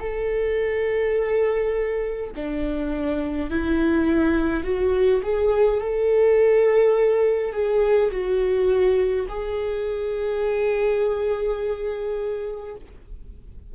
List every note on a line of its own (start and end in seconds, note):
0.00 2.31 A4
2.35 3.50 D4
3.50 4.64 E4
4.64 5.22 F#4
5.23 5.81 G#4
5.81 7.53 A4
7.53 8.11 G#4
8.11 9.27 F#4
9.29 12.75 G#4